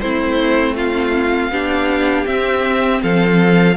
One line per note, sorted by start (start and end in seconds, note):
0.00 1.50 A3
0.00 1.53 C4
0.00 0.76 E4
0.00 0.75 C5
0.76 1.51 F4
0.76 2.26 F5
1.50 2.25 B3
1.50 2.26 D4
1.50 3.02 G4
2.26 3.76 C4
2.26 3.02 C4
2.26 3.01 E5
3.03 3.77 F3
3.03 3.77 A4
3.03 3.77 F5